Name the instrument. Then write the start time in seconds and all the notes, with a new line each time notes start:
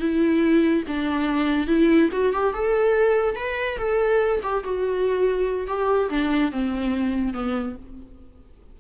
viola
0.00 E4
0.88 D4
1.68 E4
2.13 F#4
2.33 G4
2.54 A4
3.36 B4
3.78 A4
4.43 G4
4.64 F#4
5.68 G4
6.10 D4
6.52 C4
7.34 B3